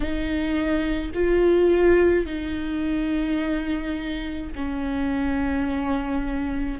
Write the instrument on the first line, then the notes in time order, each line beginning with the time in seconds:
viola
0.00 D#4
1.13 F4
2.25 D#4
4.55 C#4